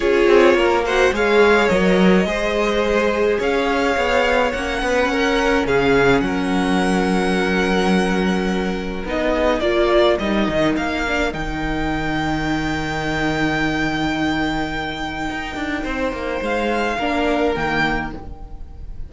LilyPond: <<
  \new Staff \with { instrumentName = "violin" } { \time 4/4 \tempo 4 = 106 cis''4. fis''8 f''4 dis''4~ | dis''2 f''2 | fis''2 f''4 fis''4~ | fis''1 |
dis''4 d''4 dis''4 f''4 | g''1~ | g''1~ | g''4 f''2 g''4 | }
  \new Staff \with { instrumentName = "violin" } { \time 4/4 gis'4 ais'8 c''8 cis''2 | c''2 cis''2~ | cis''8 b'8 ais'4 gis'4 ais'4~ | ais'1~ |
ais'8 gis'8 ais'2.~ | ais'1~ | ais'1 | c''2 ais'2 | }
  \new Staff \with { instrumentName = "viola" } { \time 4/4 f'4. fis'8 gis'4 ais'4 | gis'1 | cis'1~ | cis'1 |
dis'4 f'4 dis'4. d'8 | dis'1~ | dis'1~ | dis'2 d'4 ais4 | }
  \new Staff \with { instrumentName = "cello" } { \time 4/4 cis'8 c'8 ais4 gis4 fis4 | gis2 cis'4 b4 | ais8 b8 cis'4 cis4 fis4~ | fis1 |
b4 ais4 g8 dis8 ais4 | dis1~ | dis2. dis'8 d'8 | c'8 ais8 gis4 ais4 dis4 | }
>>